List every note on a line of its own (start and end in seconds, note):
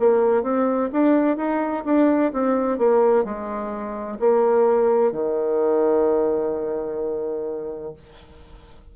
0.00 0.43 A#3
0.43 0.90 C4
0.92 1.37 D4
1.37 1.84 D#4
1.85 2.32 D4
2.33 2.78 C4
2.78 3.25 A#3
3.25 4.18 G#3
4.20 5.12 A#3
5.12 7.93 D#3